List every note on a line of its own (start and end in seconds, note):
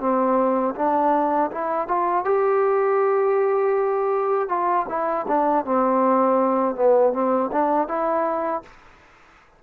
0.00 0.75 C4
0.76 1.51 D4
1.52 1.88 E4
1.88 2.25 F4
2.25 4.49 G4
4.49 4.86 F4
4.89 5.27 E4
5.28 5.65 D4
5.65 6.76 C4
6.76 7.14 B3
7.14 7.51 C4
7.53 7.88 D4
7.88 8.63 E4